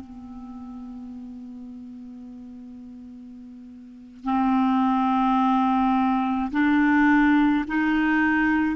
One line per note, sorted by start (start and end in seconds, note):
0.00 4.25 B3
4.25 6.51 C4
6.51 7.65 D4
7.67 8.76 D#4